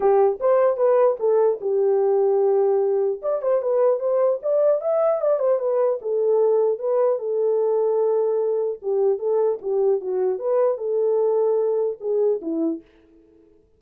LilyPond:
\new Staff \with { instrumentName = "horn" } { \time 4/4 \tempo 4 = 150 g'4 c''4 b'4 a'4 | g'1 | d''8 c''8 b'4 c''4 d''4 | e''4 d''8 c''8 b'4 a'4~ |
a'4 b'4 a'2~ | a'2 g'4 a'4 | g'4 fis'4 b'4 a'4~ | a'2 gis'4 e'4 | }